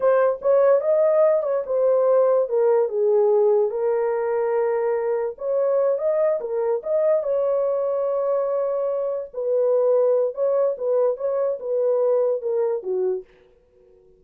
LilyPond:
\new Staff \with { instrumentName = "horn" } { \time 4/4 \tempo 4 = 145 c''4 cis''4 dis''4. cis''8 | c''2 ais'4 gis'4~ | gis'4 ais'2.~ | ais'4 cis''4. dis''4 ais'8~ |
ais'8 dis''4 cis''2~ cis''8~ | cis''2~ cis''8 b'4.~ | b'4 cis''4 b'4 cis''4 | b'2 ais'4 fis'4 | }